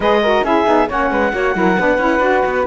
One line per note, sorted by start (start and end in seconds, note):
0.00 0.41 G#3
0.00 0.23 G#4
0.00 0.21 B4
0.00 0.45 D#5
0.22 0.44 F#4
0.22 0.44 A#4
0.43 0.65 C#4
0.43 0.65 E4
0.43 0.88 G#4
0.43 0.89 E5
0.65 0.89 B3
0.65 0.88 D#4
0.88 1.10 A#3
0.88 1.33 C#4
0.88 1.10 C#5
0.88 2.66 F#5
1.10 1.32 G#3
1.10 1.32 B4
1.32 1.54 A#3
1.32 1.54 F#4
1.32 1.55 C#5
1.54 1.77 F#3
1.54 1.76 E4
1.54 1.79 A#4
1.77 1.97 B3
1.77 1.99 D4
1.77 2.66 B4
1.97 2.19 C#4
1.97 2.20 E4
2.19 2.41 D4
2.19 2.65 F#4
2.45 2.66 B3